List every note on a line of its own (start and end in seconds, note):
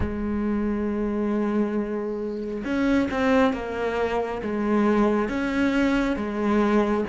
0.00 2.63 G#3
2.64 3.08 C#4
3.10 3.53 C4
3.53 4.41 A#3
4.42 5.29 G#3
5.29 6.16 C#4
6.16 7.04 G#3